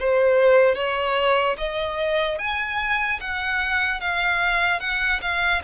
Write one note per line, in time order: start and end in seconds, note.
0.00 0.76 C5
0.76 1.57 C#5
1.58 2.39 D#5
2.39 3.20 G#5
3.21 4.01 F#5
4.01 4.81 F5
4.81 5.21 F#5
5.22 5.63 F5